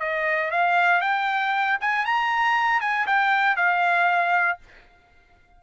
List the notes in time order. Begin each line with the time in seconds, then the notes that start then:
0.00 D#5
0.51 F5
1.01 G5
1.80 G#5
2.05 A#5
2.81 G#5
3.07 G5
3.56 F5